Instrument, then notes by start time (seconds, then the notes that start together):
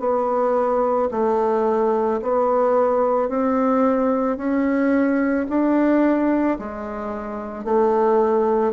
bassoon
0.00 B3
1.12 A3
2.22 B3
3.29 C4
4.38 C#4
5.49 D4
6.60 G#3
7.65 A3